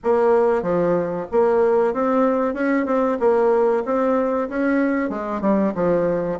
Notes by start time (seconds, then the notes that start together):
0.03 A#3
0.62 F3
1.31 A#3
1.93 C4
2.54 C#4
2.85 C4
3.19 A#3
3.85 C4
4.49 C#4
5.09 G#3
5.41 G3
5.74 F3